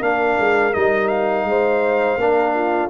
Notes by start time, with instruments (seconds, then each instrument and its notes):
0.00 tuba A#3, trombone D4, horn A#4, trumpet F5
0.38 tuba G#3
0.73 tuba G3, trombone D#4, trumpet D#5
1.08 trumpet F5
1.44 tuba G#3, horn C5
2.17 tuba A#3, trombone D4, horn A#4
2.54 horn F4